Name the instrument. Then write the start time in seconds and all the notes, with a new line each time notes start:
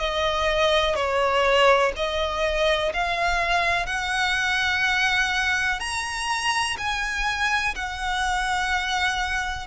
violin
0.00 D#5
0.96 C#5
1.97 D#5
2.94 F5
3.87 F#5
5.80 A#5
6.78 G#5
7.75 F#5